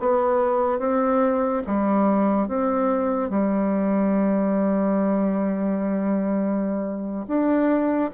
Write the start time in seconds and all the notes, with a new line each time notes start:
0.00 B3
0.80 C4
1.67 G3
2.48 C4
3.30 G3
7.28 D4